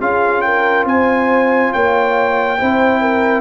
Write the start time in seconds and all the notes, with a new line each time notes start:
0.00 C#4 F4 G#4 F5
0.41 A#4 G5
0.85 C4 C5 G#5
1.72 A#3 C#5 G5
2.58 C4 E4 C5
3.00 A#4